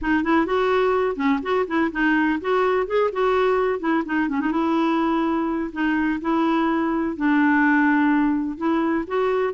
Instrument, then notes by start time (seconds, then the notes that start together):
clarinet
0.01 D#4
0.23 E4
0.45 F#4
1.16 C#4
1.42 F#4
1.67 E4
1.92 D#4
2.40 F#4
2.86 G#4
3.12 F#4
3.79 E4
4.05 D#4
4.28 C#4
4.40 D#4
4.51 E4
5.72 D#4
6.21 E4
7.16 D4
8.57 E4
9.07 F#4